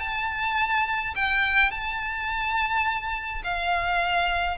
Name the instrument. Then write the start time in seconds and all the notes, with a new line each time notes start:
violin
0.00 A5
1.15 G5
1.71 A5
3.44 F5